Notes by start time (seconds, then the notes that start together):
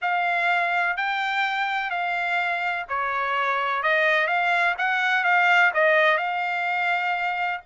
0.01 F5
0.96 G5
1.90 F5
2.89 C#5
3.82 D#5
4.27 F5
4.78 F#5
5.24 F5
5.74 D#5
6.17 F5